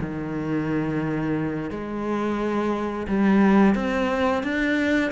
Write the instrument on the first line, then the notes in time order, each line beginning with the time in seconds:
cello
0.00 D#3
1.70 G#3
3.07 G3
3.75 C4
4.43 D4